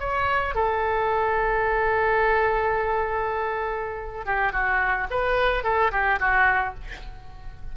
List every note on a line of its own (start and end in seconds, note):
0.00 0.55 C#5
0.55 4.26 A4
4.26 4.53 G4
4.53 5.08 F#4
5.11 5.64 B4
5.64 5.92 A4
5.92 6.20 G4
6.20 6.75 F#4